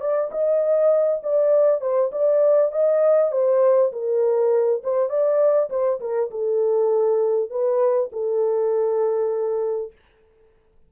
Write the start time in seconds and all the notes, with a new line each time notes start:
0.00 D5
0.31 D#5
1.23 D5
1.81 C5
2.11 D5
2.71 D#5
3.32 C5
3.92 A#4
4.83 C5
5.09 D5
5.69 C5
6.00 A#4
6.31 A4
7.50 B4
8.12 A4